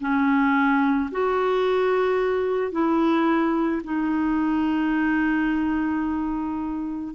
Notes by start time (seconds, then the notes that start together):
0.00 C#4
1.11 F#4
2.72 E4
3.84 D#4